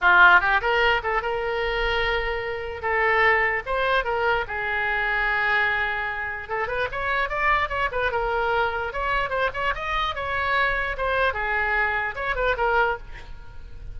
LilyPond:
\new Staff \with { instrumentName = "oboe" } { \time 4/4 \tempo 4 = 148 f'4 g'8 ais'4 a'8 ais'4~ | ais'2. a'4~ | a'4 c''4 ais'4 gis'4~ | gis'1 |
a'8 b'8 cis''4 d''4 cis''8 b'8 | ais'2 cis''4 c''8 cis''8 | dis''4 cis''2 c''4 | gis'2 cis''8 b'8 ais'4 | }